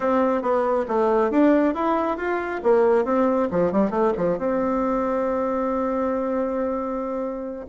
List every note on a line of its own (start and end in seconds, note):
0.00 0.42 C4
0.42 0.85 B3
0.87 1.30 A3
1.30 1.74 D4
1.74 2.17 E4
2.17 2.61 F4
2.63 3.04 A#3
3.04 3.48 C4
3.50 3.71 F3
3.71 3.90 G3
3.90 4.12 A3
4.17 4.37 F3
4.37 7.66 C4